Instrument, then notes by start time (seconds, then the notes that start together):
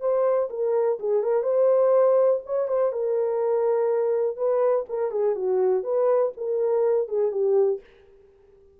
horn
0.00 C5
0.49 A#4
0.99 G#4
1.23 A#4
1.43 C5
2.45 C#5
2.67 C5
2.92 A#4
4.36 B4
4.89 A#4
5.11 G#4
5.35 F#4
5.83 B4
6.37 A#4
7.08 G#4
7.31 G4